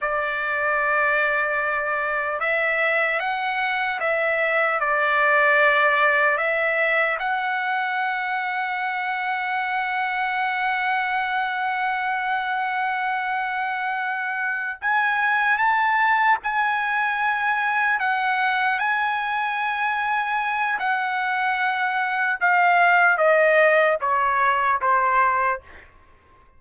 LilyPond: \new Staff \with { instrumentName = "trumpet" } { \time 4/4 \tempo 4 = 75 d''2. e''4 | fis''4 e''4 d''2 | e''4 fis''2.~ | fis''1~ |
fis''2~ fis''8 gis''4 a''8~ | a''8 gis''2 fis''4 gis''8~ | gis''2 fis''2 | f''4 dis''4 cis''4 c''4 | }